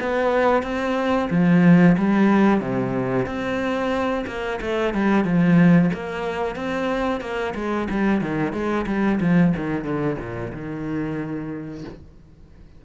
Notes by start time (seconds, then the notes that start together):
0.00 B3
0.63 C4
1.30 F3
1.98 G3
2.61 C3
3.26 C4
4.27 A#3
4.61 A3
4.94 G3
5.25 F3
5.94 A#3
6.56 C4
7.21 A#3
7.55 G#3
7.90 G3
8.21 D#3
8.53 G#3
8.87 G3
9.21 F3
9.57 D#3
9.85 D3
10.19 A#2
10.53 D#3